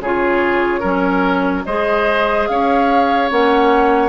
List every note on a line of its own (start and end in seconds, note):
0.00 0.82 C#3
0.00 0.82 F4
0.00 0.80 G#4
0.00 1.65 C#5
0.80 1.65 F#3
0.80 1.64 C#4
0.80 1.62 A#4
1.65 2.48 G#3
1.65 3.30 G#4
1.65 2.48 C5
1.65 2.47 D#5
2.47 3.31 C#4
2.47 4.09 C#5
2.47 3.29 F5
3.30 4.09 A#3
3.30 4.09 C#4
3.30 4.09 F#5